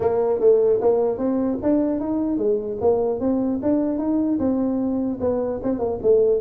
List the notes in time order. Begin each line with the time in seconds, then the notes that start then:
0.00 A#3
0.39 A3
0.81 A#3
1.18 C4
1.62 D4
2.00 D#4
2.37 G#3
2.80 A#3
3.20 C4
3.62 D4
3.98 D#4
4.39 C4
5.20 B3
5.63 C4
5.79 A#3
6.02 A3